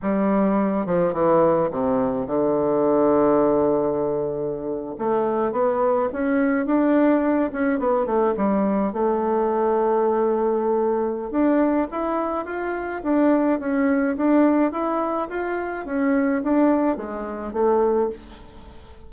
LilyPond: \new Staff \with { instrumentName = "bassoon" } { \time 4/4 \tempo 4 = 106 g4. f8 e4 c4 | d1~ | d8. a4 b4 cis'4 d'16~ | d'4~ d'16 cis'8 b8 a8 g4 a16~ |
a1 | d'4 e'4 f'4 d'4 | cis'4 d'4 e'4 f'4 | cis'4 d'4 gis4 a4 | }